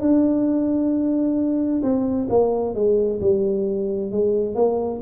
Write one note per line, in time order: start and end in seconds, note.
0.00 1.82 D4
1.82 2.28 C4
2.29 2.74 A#3
2.74 3.20 G#3
3.20 4.11 G3
4.11 4.55 G#3
4.55 5.00 A#3